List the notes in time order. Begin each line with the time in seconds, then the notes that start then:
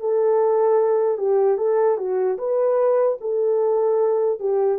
0.00 A4
1.18 G4
1.58 A4
1.98 F#4
2.38 B4
3.21 A4
4.40 G4